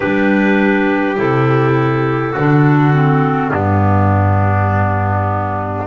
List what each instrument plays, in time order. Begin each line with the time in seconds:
0.00 double bass G3, clarinet D4 B4, trumpet G4
1.16 double bass C3, clarinet E4 A4
2.32 double bass D3, trumpet F#4
2.38 clarinet D4
2.93 clarinet C4
3.51 double bass G2, clarinet B3 G4, trumpet D4